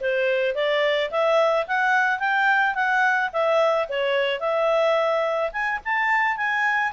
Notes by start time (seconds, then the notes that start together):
0.00 C5
0.54 D5
1.10 E5
1.67 F#5
2.19 G5
2.74 F#5
3.32 E5
3.88 C#5
4.40 E5
5.52 G#5
5.84 A5
6.37 G#5